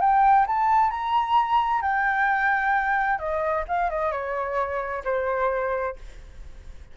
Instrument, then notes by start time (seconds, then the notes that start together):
flute
0.00 G5
0.46 A5
0.90 A#5
1.81 G5
3.19 D#5
3.68 F5
3.90 D#5
4.11 C#5
5.04 C5